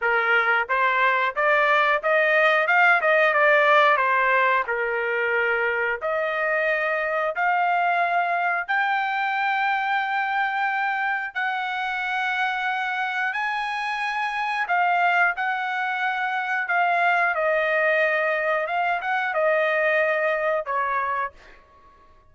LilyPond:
\new Staff \with { instrumentName = "trumpet" } { \time 4/4 \tempo 4 = 90 ais'4 c''4 d''4 dis''4 | f''8 dis''8 d''4 c''4 ais'4~ | ais'4 dis''2 f''4~ | f''4 g''2.~ |
g''4 fis''2. | gis''2 f''4 fis''4~ | fis''4 f''4 dis''2 | f''8 fis''8 dis''2 cis''4 | }